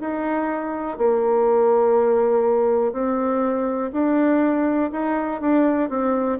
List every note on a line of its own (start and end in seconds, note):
0.00 0.97 D#4
0.97 2.92 A#3
2.92 3.90 C4
3.93 4.91 D4
4.91 5.41 D#4
5.41 5.89 D4
5.89 6.38 C4